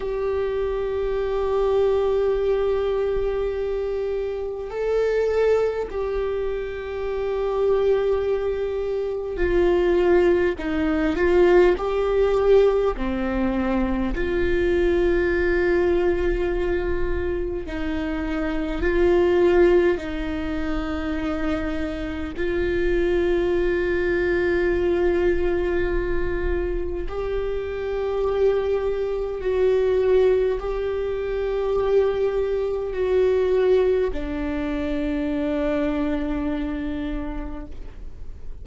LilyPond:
\new Staff \with { instrumentName = "viola" } { \time 4/4 \tempo 4 = 51 g'1 | a'4 g'2. | f'4 dis'8 f'8 g'4 c'4 | f'2. dis'4 |
f'4 dis'2 f'4~ | f'2. g'4~ | g'4 fis'4 g'2 | fis'4 d'2. | }